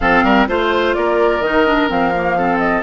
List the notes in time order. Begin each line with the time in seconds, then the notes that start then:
0.00 F3 C4 A4 F5
0.23 G3 A#4
0.48 A3 F4 C5
0.94 A#3 A#4 D5
1.39 D#3 D#4 D#5
1.66 D4
1.88 F3 C4 F5
2.15 A#3
2.37 C4 A4
2.59 D#5